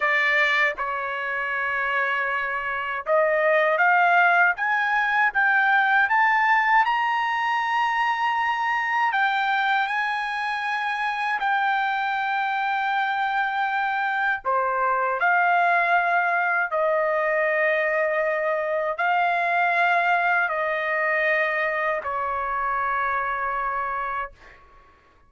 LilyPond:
\new Staff \with { instrumentName = "trumpet" } { \time 4/4 \tempo 4 = 79 d''4 cis''2. | dis''4 f''4 gis''4 g''4 | a''4 ais''2. | g''4 gis''2 g''4~ |
g''2. c''4 | f''2 dis''2~ | dis''4 f''2 dis''4~ | dis''4 cis''2. | }